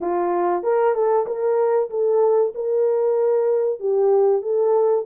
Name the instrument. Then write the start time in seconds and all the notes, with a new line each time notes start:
horn
0.01 F4
0.63 A#4
0.94 A4
1.26 A#4
1.90 A4
2.54 A#4
3.79 G4
4.42 A4